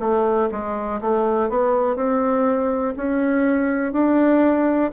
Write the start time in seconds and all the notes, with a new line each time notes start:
0.00 A3
0.51 G#3
1.01 A3
1.50 B3
1.96 C4
2.96 C#4
3.93 D4